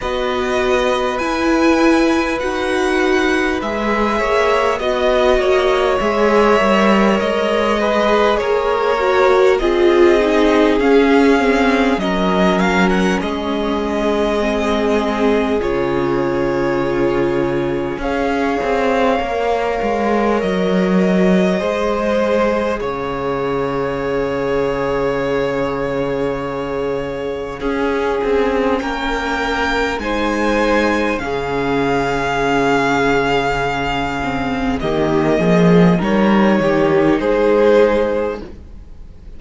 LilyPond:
<<
  \new Staff \with { instrumentName = "violin" } { \time 4/4 \tempo 4 = 50 dis''4 gis''4 fis''4 e''4 | dis''4 e''4 dis''4 cis''4 | dis''4 f''4 dis''8 f''16 fis''16 dis''4~ | dis''4 cis''2 f''4~ |
f''4 dis''2 f''4~ | f''1 | g''4 gis''4 f''2~ | f''4 dis''4 cis''4 c''4 | }
  \new Staff \with { instrumentName = "violin" } { \time 4/4 b'2.~ b'8 cis''8 | dis''8 cis''2 b'8 ais'4 | gis'2 ais'4 gis'4~ | gis'2. cis''4~ |
cis''2 c''4 cis''4~ | cis''2. gis'4 | ais'4 c''4 gis'2~ | gis'4 g'8 gis'8 ais'8 g'8 gis'4 | }
  \new Staff \with { instrumentName = "viola" } { \time 4/4 fis'4 e'4 fis'4 gis'4 | fis'4 gis'8 ais'4 gis'4 fis'8 | f'8 dis'8 cis'8 c'8 cis'2 | c'4 f'2 gis'4 |
ais'2 gis'2~ | gis'2. cis'4~ | cis'4 dis'4 cis'2~ | cis'8 c'8 ais4 dis'2 | }
  \new Staff \with { instrumentName = "cello" } { \time 4/4 b4 e'4 dis'4 gis8 ais8 | b8 ais8 gis8 g8 gis4 ais4 | c'4 cis'4 fis4 gis4~ | gis4 cis2 cis'8 c'8 |
ais8 gis8 fis4 gis4 cis4~ | cis2. cis'8 c'8 | ais4 gis4 cis2~ | cis4 dis8 f8 g8 dis8 gis4 | }
>>